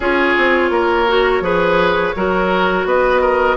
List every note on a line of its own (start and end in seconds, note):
0.00 0.34 C#4
0.00 1.08 F4
0.00 0.70 G#4
0.00 2.87 C#5
0.37 0.70 C4
0.70 1.40 A#3
0.70 1.43 A#4
1.08 1.42 F#4
1.40 2.12 F3
1.40 2.14 G#4
1.40 2.15 B4
2.16 2.85 F#3
2.16 3.56 F#4
2.16 2.87 A#4
2.85 3.56 B3
2.85 3.21 B4
2.85 3.56 D#5
3.21 3.56 A#4